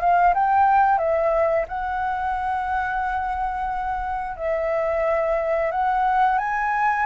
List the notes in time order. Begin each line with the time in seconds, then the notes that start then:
0.00 F5
0.34 G5
0.98 E5
1.68 F#5
4.37 E5
5.72 F#5
6.38 G#5